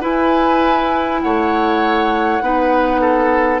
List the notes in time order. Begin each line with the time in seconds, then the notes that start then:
0.00 E4 B4 G#5
1.21 A3 C#5 F#5
2.41 B3 D#4 B4
3.00 A4